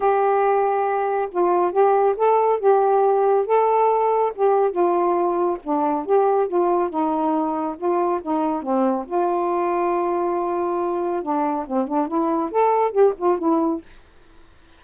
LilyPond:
\new Staff \with { instrumentName = "saxophone" } { \time 4/4 \tempo 4 = 139 g'2. f'4 | g'4 a'4 g'2 | a'2 g'4 f'4~ | f'4 d'4 g'4 f'4 |
dis'2 f'4 dis'4 | c'4 f'2.~ | f'2 d'4 c'8 d'8 | e'4 a'4 g'8 f'8 e'4 | }